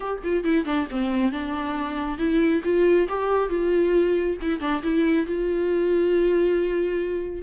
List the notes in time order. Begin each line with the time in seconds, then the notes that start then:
0.00 G4
0.23 F4
0.44 E4
0.65 D4
0.91 C4
1.32 D4
2.18 E4
2.64 F4
3.09 G4
3.49 F4
4.41 E4
4.60 D4
4.82 E4
5.26 F4